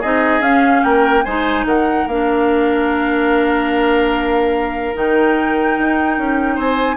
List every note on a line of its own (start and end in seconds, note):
0.00 0.40 C4
0.00 0.41 D#4
0.00 0.82 G#4
0.00 0.42 D#5
0.40 0.81 C#4
0.40 1.23 C#4
0.40 0.83 F5
0.83 1.25 A#3
0.83 1.24 A#4
0.83 1.24 G5
1.24 1.65 G#3
1.24 2.10 D#4
1.24 1.65 C5
1.24 1.65 G#5
1.65 2.06 D#3
1.65 6.55 A#4
1.65 2.08 F#5
2.07 4.94 A#3
2.07 4.94 D4
2.07 4.95 F5
4.94 5.78 D#3
4.94 6.97 D#4
4.94 6.59 G5
5.78 6.18 D#4
6.18 6.57 C#4
6.55 6.97 C4
6.55 6.96 C5
6.55 6.97 G#5